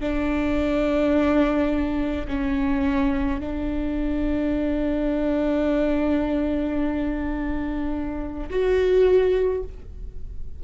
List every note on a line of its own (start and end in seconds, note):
0.00 2.26 D4
2.27 3.40 C#4
3.40 8.50 D4
8.50 9.63 F#4